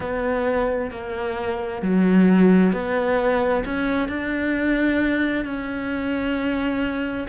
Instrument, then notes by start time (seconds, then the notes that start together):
cello
0.00 B3
0.90 A#3
1.81 F#3
2.73 B3
3.64 C#4
4.08 D4
5.45 C#4